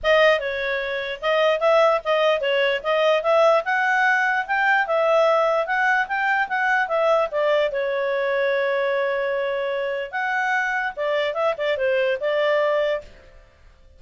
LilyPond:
\new Staff \with { instrumentName = "clarinet" } { \time 4/4 \tempo 4 = 148 dis''4 cis''2 dis''4 | e''4 dis''4 cis''4 dis''4 | e''4 fis''2 g''4 | e''2 fis''4 g''4 |
fis''4 e''4 d''4 cis''4~ | cis''1~ | cis''4 fis''2 d''4 | e''8 d''8 c''4 d''2 | }